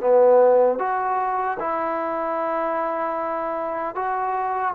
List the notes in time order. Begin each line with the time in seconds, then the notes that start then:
0.00 B3
0.79 F#4
1.60 E4
3.95 F#4